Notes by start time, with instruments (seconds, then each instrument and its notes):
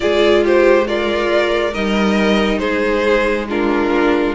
0.00 cello G#3, viola F4, violin G#4 D5
0.43 violin G4 C5
0.86 violin F4 D5, viola A#4
1.71 cello G3, viola D#4, violin A#4 D#5
2.59 cello G#3, violin G#4 C5
3.49 viola D4, violin F4 A#4